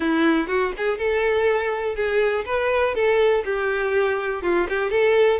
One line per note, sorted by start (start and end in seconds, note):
0.00 0.47 E4
0.47 0.72 F#4
0.77 0.97 G#4
0.97 1.95 A4
1.95 2.45 G#4
2.45 2.94 B4
2.94 3.44 A4
3.44 4.42 G4
4.42 4.67 F4
4.69 4.90 G4
4.90 5.39 A4